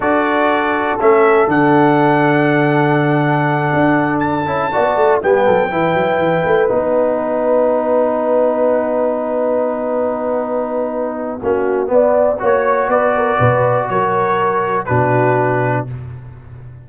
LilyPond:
<<
  \new Staff \with { instrumentName = "trumpet" } { \time 4/4 \tempo 4 = 121 d''2 e''4 fis''4~ | fis''1~ | fis''8 a''2 g''4.~ | g''4. fis''2~ fis''8~ |
fis''1~ | fis''1~ | fis''4 cis''4 d''2 | cis''2 b'2 | }
  \new Staff \with { instrumentName = "horn" } { \time 4/4 a'1~ | a'1~ | a'4. d''4 g'8 a'8 b'8~ | b'1~ |
b'1~ | b'2. fis'4 | d''4 cis''4 b'8 ais'8 b'4 | ais'2 fis'2 | }
  \new Staff \with { instrumentName = "trombone" } { \time 4/4 fis'2 cis'4 d'4~ | d'1~ | d'4 e'8 fis'4 b4 e'8~ | e'4. dis'2~ dis'8~ |
dis'1~ | dis'2. cis'4 | b4 fis'2.~ | fis'2 d'2 | }
  \new Staff \with { instrumentName = "tuba" } { \time 4/4 d'2 a4 d4~ | d2.~ d8 d'8~ | d'4 cis'8 b8 a8 g8 fis8 e8 | fis8 e8 a8 b2~ b8~ |
b1~ | b2. ais4 | b4 ais4 b4 b,4 | fis2 b,2 | }
>>